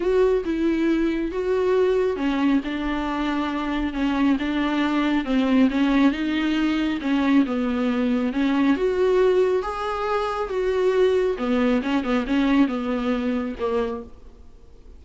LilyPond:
\new Staff \with { instrumentName = "viola" } { \time 4/4 \tempo 4 = 137 fis'4 e'2 fis'4~ | fis'4 cis'4 d'2~ | d'4 cis'4 d'2 | c'4 cis'4 dis'2 |
cis'4 b2 cis'4 | fis'2 gis'2 | fis'2 b4 cis'8 b8 | cis'4 b2 ais4 | }